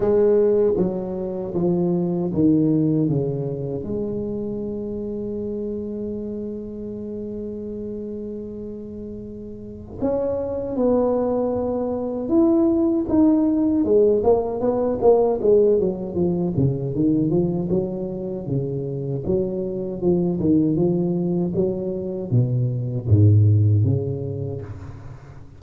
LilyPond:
\new Staff \with { instrumentName = "tuba" } { \time 4/4 \tempo 4 = 78 gis4 fis4 f4 dis4 | cis4 gis2.~ | gis1~ | gis4 cis'4 b2 |
e'4 dis'4 gis8 ais8 b8 ais8 | gis8 fis8 f8 cis8 dis8 f8 fis4 | cis4 fis4 f8 dis8 f4 | fis4 b,4 gis,4 cis4 | }